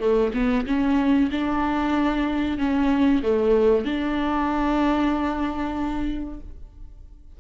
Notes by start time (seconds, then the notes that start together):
0.00 A3
0.34 B3
0.66 C#4
1.31 D4
2.59 C#4
3.23 A3
3.85 D4